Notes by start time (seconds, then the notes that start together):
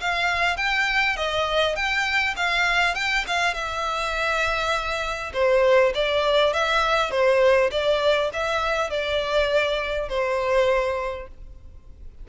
0.00 F5
0.56 G5
1.16 D#5
1.75 G5
2.36 F5
2.95 G5
3.27 F5
3.54 E5
5.33 C5
5.94 D5
6.53 E5
7.11 C5
7.71 D5
8.33 E5
8.90 D5
10.09 C5